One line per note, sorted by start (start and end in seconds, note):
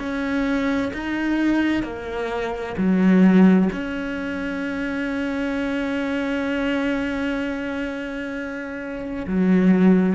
0.00 0.92 C#4
0.94 1.84 D#4
1.84 2.76 A#3
2.78 3.70 F#3
3.73 9.27 C#4
9.28 10.16 F#3